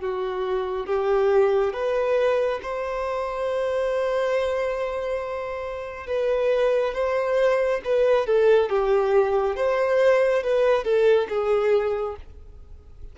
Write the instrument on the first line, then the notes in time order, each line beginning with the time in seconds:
violin
0.00 F#4
0.86 G4
1.73 B4
2.62 C5
6.06 B4
6.94 C5
7.84 B4
8.26 A4
8.69 G4
9.56 C5
10.43 B4
10.83 A4
11.29 G#4